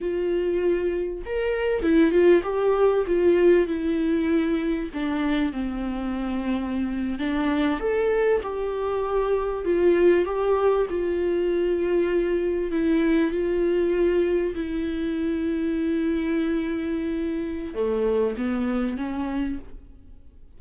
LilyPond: \new Staff \with { instrumentName = "viola" } { \time 4/4 \tempo 4 = 98 f'2 ais'4 e'8 f'8 | g'4 f'4 e'2 | d'4 c'2~ c'8. d'16~ | d'8. a'4 g'2 f'16~ |
f'8. g'4 f'2~ f'16~ | f'8. e'4 f'2 e'16~ | e'1~ | e'4 a4 b4 cis'4 | }